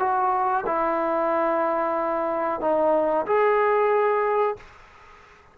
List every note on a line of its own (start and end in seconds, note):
0.00 0.65 F#4
0.67 2.61 E4
2.61 3.26 D#4
3.27 4.57 G#4